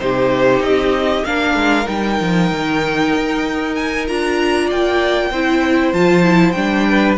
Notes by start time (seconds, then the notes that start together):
0.00 C3 D#4 G4 C5
0.61 C4 D#5
1.25 A#3 D4 A#4 F5
1.55 G#3
1.85 G3 D#4 G5
2.20 F3
2.52 D#3
3.16 D#4
3.75 G#5
4.08 D4 F4 A#5
4.66 A#3 D5 G5
5.31 C4 E4 C5
5.93 F3 F4 A5
6.23 E4
6.52 G3 D4 G5
6.89 B4